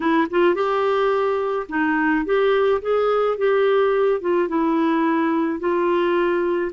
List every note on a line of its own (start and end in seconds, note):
0.00 0.27 E4
0.30 0.54 F4
0.54 1.66 G4
1.68 2.25 D#4
2.25 2.81 G4
2.81 3.37 G#4
3.37 4.20 G4
4.20 4.48 F4
4.48 5.59 E4
5.59 6.71 F4